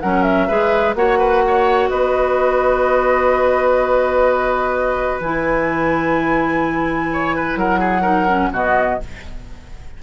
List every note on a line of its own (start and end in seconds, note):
0.00 0.50 F#3
0.00 0.49 C#4
0.00 0.47 A#4
0.00 0.22 F#5
0.22 0.93 E5
0.47 0.94 G#3
0.47 0.96 G#4
0.47 0.95 B4
0.94 1.89 A#3
0.94 5.21 F#4
0.94 1.18 C#5
0.94 1.89 F#5
1.18 1.42 B4
1.47 1.90 C#5
1.89 5.20 B3
1.89 7.09 B4
1.89 5.19 D#5
5.20 7.56 E3
5.20 8.02 E4
5.20 7.57 G#5
7.13 7.36 C#5
7.36 7.58 B4
7.56 8.50 F#3
7.56 7.79 A#4
7.56 8.51 F#5
7.79 8.01 G#4
8.01 8.26 D#4
8.01 8.49 A#4
8.28 8.52 C#4
8.52 8.99 B2
8.52 9.00 B3
8.52 9.00 F#4
8.52 9.02 D#5